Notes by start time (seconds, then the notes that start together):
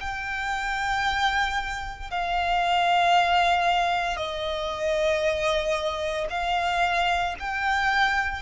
0.00 G5
2.11 F5
4.16 D#5
6.30 F5
7.39 G5